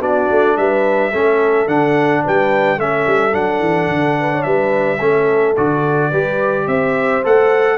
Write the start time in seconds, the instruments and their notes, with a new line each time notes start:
0.00 tuba B3, trombone D4, horn F#4, trumpet D5
0.30 tuba A3
0.56 tuba G3, horn B4, trumpet E5
1.11 tuba A3, trombone C#4, horn A4
1.66 tuba D3, trombone D4, trumpet F#5
2.23 tuba G3, horn B4, trumpet G5
2.77 tuba A3, trombone C#4, horn A4, trumpet E5
3.06 tuba G3
3.31 tuba F#3, trombone D4, trumpet F#5
3.59 tuba E3
3.87 tuba D3
4.20 horn B4
4.32 horn C#5
4.42 tuba G3, horn B4, trumpet E5
4.98 tuba A3, trombone C#4, horn A4
5.56 tuba D3, trombone F#4, trumpet D5
6.10 tuba G3, trombone G4, horn B4
6.66 tuba C4, horn C5, trumpet E5
7.23 tuba A3, trombone A4, trumpet F#5